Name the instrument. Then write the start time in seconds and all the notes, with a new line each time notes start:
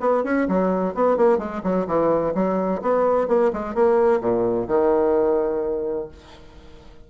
bassoon
0.00 B3
0.24 C#4
0.48 F#3
0.94 B3
1.17 A#3
1.38 G#3
1.63 F#3
1.87 E3
2.34 F#3
2.81 B3
3.28 A#3
3.53 G#3
3.74 A#3
4.20 A#2
4.67 D#3